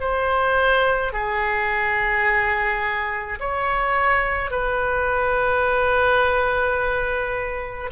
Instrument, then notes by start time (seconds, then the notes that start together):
oboe
0.00 C5
1.12 G#4
3.40 C#5
4.50 B4